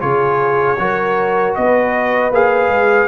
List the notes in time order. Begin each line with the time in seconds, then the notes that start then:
0.00 C#3 F4 G#4 C#5
0.79 F#3 F#4 A#4
1.55 B3 B4 D#5
2.31 A#3 G#4 F5
2.68 G#3